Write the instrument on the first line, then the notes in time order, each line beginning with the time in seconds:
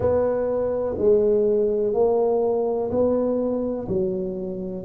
tuba
0.00 B3
0.98 G#3
1.93 A#3
2.90 B3
3.88 F#3